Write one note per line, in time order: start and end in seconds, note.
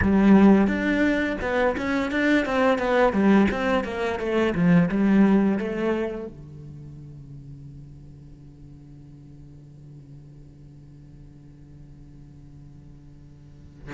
0.02 0.67 G3
0.67 1.36 D4
1.41 1.76 B3
1.77 2.11 C#4
2.11 2.45 D4
2.45 2.78 C4
2.78 3.12 B3
3.12 3.47 G3
3.50 3.84 C4
3.84 4.19 A#3
4.19 4.54 A3
4.54 4.88 F3
4.88 5.58 G3
5.58 6.27 A3
6.27 13.93 D3